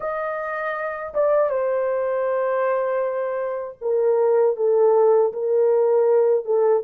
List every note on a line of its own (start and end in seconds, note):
0.00 1.13 D#5
1.14 1.49 D5
1.49 3.77 C5
3.81 4.56 A#4
4.56 5.32 A4
5.32 6.45 A#4
6.45 6.83 A4